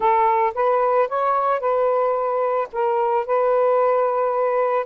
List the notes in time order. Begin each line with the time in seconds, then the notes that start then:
0.00 A4
0.54 B4
1.08 C#5
1.59 B4
2.72 A#4
3.26 B4